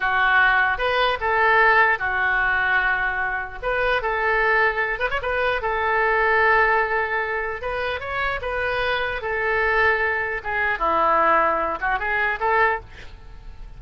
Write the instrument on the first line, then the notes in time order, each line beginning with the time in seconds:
oboe
0.00 F#4
0.77 B4
1.20 A4
1.98 F#4
3.62 B4
4.02 A4
4.99 B4
5.10 C#5
5.21 B4
5.61 A4
7.61 B4
7.99 C#5
8.41 B4
9.21 A4
10.43 G#4
10.79 E4
11.80 F#4
11.99 G#4
12.39 A4